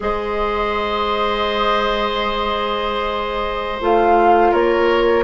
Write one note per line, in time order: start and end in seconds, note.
0.00 3.80 G#3
0.00 3.78 G#4
0.00 4.51 C5
0.00 3.80 D#5
3.80 4.53 A3
3.80 5.23 F4
3.80 4.53 F5
4.51 5.23 A#3
4.51 5.23 A#4
4.51 5.23 C#5